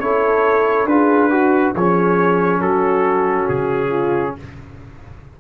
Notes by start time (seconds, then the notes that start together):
0.00 C#4 E4 A4 C#5
0.85 D4 F4 G#4 B4
1.31 F#4
1.75 F3 C#4 G#4 C#5
2.61 F#3 F#4 A4
3.49 C#3 G#4
3.90 F4